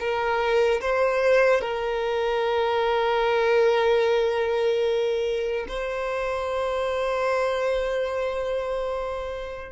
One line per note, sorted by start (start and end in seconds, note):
0.00 0.81 A#4
0.81 1.61 C5
1.61 5.67 A#4
5.69 9.72 C5